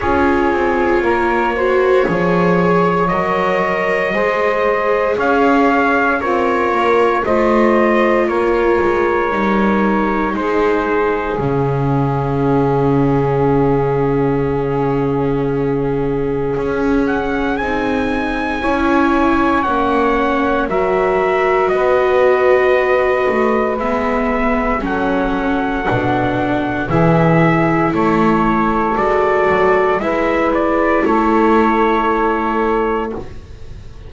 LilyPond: <<
  \new Staff \with { instrumentName = "trumpet" } { \time 4/4 \tempo 4 = 58 cis''2. dis''4~ | dis''4 f''4 cis''4 dis''4 | cis''2 c''4 f''4~ | f''1~ |
f''8 fis''8 gis''2 fis''4 | e''4 dis''2 e''4 | fis''2 e''4 cis''4 | d''4 e''8 d''8 cis''2 | }
  \new Staff \with { instrumentName = "saxophone" } { \time 4/4 gis'4 ais'8 c''8 cis''2 | c''4 cis''4 f'4 c''4 | ais'2 gis'2~ | gis'1~ |
gis'2 cis''2 | ais'4 b'2. | a'2 gis'4 a'4~ | a'4 b'4 a'2 | }
  \new Staff \with { instrumentName = "viola" } { \time 4/4 f'4. fis'8 gis'4 ais'4 | gis'2 ais'4 f'4~ | f'4 dis'2 cis'4~ | cis'1~ |
cis'4 dis'4 e'4 cis'4 | fis'2. b4 | cis'4 d'4 e'2 | fis'4 e'2. | }
  \new Staff \with { instrumentName = "double bass" } { \time 4/4 cis'8 c'8 ais4 f4 fis4 | gis4 cis'4 c'8 ais8 a4 | ais8 gis8 g4 gis4 cis4~ | cis1 |
cis'4 c'4 cis'4 ais4 | fis4 b4. a8 gis4 | fis4 b,4 e4 a4 | gis8 fis8 gis4 a2 | }
>>